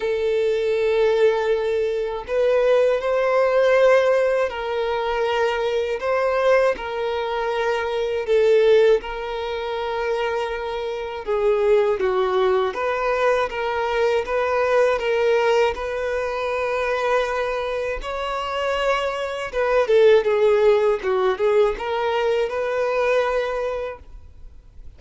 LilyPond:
\new Staff \with { instrumentName = "violin" } { \time 4/4 \tempo 4 = 80 a'2. b'4 | c''2 ais'2 | c''4 ais'2 a'4 | ais'2. gis'4 |
fis'4 b'4 ais'4 b'4 | ais'4 b'2. | cis''2 b'8 a'8 gis'4 | fis'8 gis'8 ais'4 b'2 | }